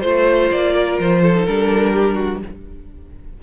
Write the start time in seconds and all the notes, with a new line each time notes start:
0.00 A3 F4 C5
0.51 A#3 D5
0.74 A#4
0.99 F3 C5
1.22 A4
1.34 D#4
1.46 G3 D4 A#4
1.92 G4
2.15 F#4